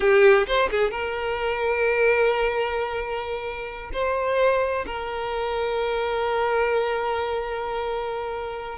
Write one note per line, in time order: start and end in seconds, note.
0.00 0.46 G4
0.46 0.69 C5
0.70 0.90 G#4
0.90 3.90 A#4
3.93 4.85 C5
4.86 8.78 A#4